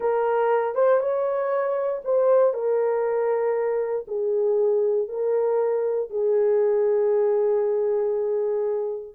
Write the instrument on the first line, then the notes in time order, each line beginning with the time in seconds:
horn
0.00 A#4
0.75 C5
1.00 C#5
2.04 C5
2.53 A#4
4.07 G#4
5.08 A#4
6.10 G#4